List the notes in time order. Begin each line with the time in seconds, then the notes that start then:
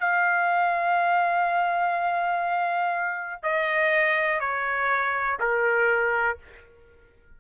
0.00 F5
3.43 D#5
4.41 C#5
5.40 A#4